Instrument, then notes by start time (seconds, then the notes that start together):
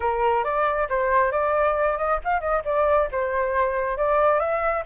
flute
0.00 A#4
0.44 D5
0.89 C5
1.31 D5
1.97 D#5
2.24 F5
2.40 D#5
2.64 D5
3.11 C5
3.97 D5
4.39 E5